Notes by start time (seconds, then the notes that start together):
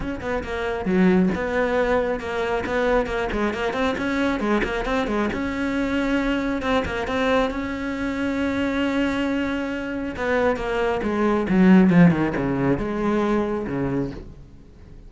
0.00 C#4
0.21 B3
0.43 A#3
0.85 F#3
1.34 B3
2.20 A#3
2.66 B3
3.06 A#3
3.31 G#3
3.53 A#3
3.73 C4
3.97 C#4
4.40 G#3
4.63 A#3
4.85 C4
5.07 G#3
5.32 C#4
6.62 C4
6.85 A#3
7.07 C4
7.50 C#4
10.16 B3
10.56 A#3
11.03 G#3
11.49 F#3
11.90 F3
12.11 D#3
12.36 C#3
12.78 G#3
13.66 C#3